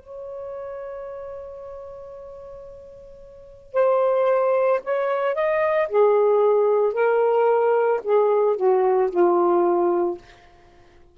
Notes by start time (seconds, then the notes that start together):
0.00 C#5
3.74 C5
4.85 C#5
5.35 D#5
5.89 G#4
6.94 A#4
8.04 G#4
8.57 F#4
9.11 F4